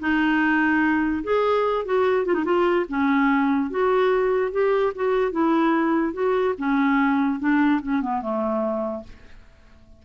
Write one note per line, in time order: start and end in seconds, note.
0.00 1.23 D#4
1.24 1.85 G#4
1.85 2.26 F#4
2.26 2.34 F4
2.34 2.45 D#4
2.45 2.86 F4
2.89 3.71 C#4
3.71 4.52 F#4
4.52 4.93 G4
4.95 5.32 F#4
5.32 6.14 E4
6.14 6.55 F#4
6.58 7.40 C#4
7.40 7.81 D4
7.82 8.02 C#4
8.02 8.22 B3
8.22 9.04 A3